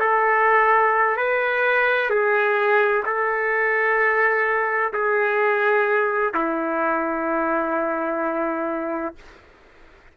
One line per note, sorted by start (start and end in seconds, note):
0.00 1.16 A4
1.16 2.10 B4
2.10 3.03 G#4
3.05 4.93 A4
4.93 6.33 G#4
6.34 9.15 E4